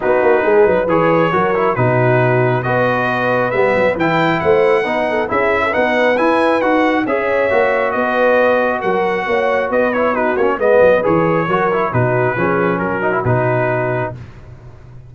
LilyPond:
<<
  \new Staff \with { instrumentName = "trumpet" } { \time 4/4 \tempo 4 = 136 b'2 cis''2 | b'2 dis''2 | e''4 g''4 fis''2 | e''4 fis''4 gis''4 fis''4 |
e''2 dis''2 | fis''2 dis''8 cis''8 b'8 cis''8 | dis''4 cis''2 b'4~ | b'4 ais'4 b'2 | }
  \new Staff \with { instrumentName = "horn" } { \time 4/4 fis'4 gis'8 b'4. ais'4 | fis'2 b'2~ | b'2 c''4 b'8 a'8 | gis'8. a'16 b'2. |
cis''2 b'2 | ais'4 cis''4 b'4 fis'4 | b'2 ais'4 fis'4 | gis'4 fis'2. | }
  \new Staff \with { instrumentName = "trombone" } { \time 4/4 dis'2 gis'4 fis'8 e'8 | dis'2 fis'2 | b4 e'2 dis'4 | e'4 dis'4 e'4 fis'4 |
gis'4 fis'2.~ | fis'2~ fis'8 e'8 dis'8 cis'8 | b4 gis'4 fis'8 e'8 dis'4 | cis'4. dis'16 e'16 dis'2 | }
  \new Staff \with { instrumentName = "tuba" } { \time 4/4 b8 ais8 gis8 fis8 e4 fis4 | b,2 b2 | g8 fis8 e4 a4 b4 | cis'4 b4 e'4 dis'4 |
cis'4 ais4 b2 | fis4 ais4 b4. ais8 | gis8 fis8 e4 fis4 b,4 | f4 fis4 b,2 | }
>>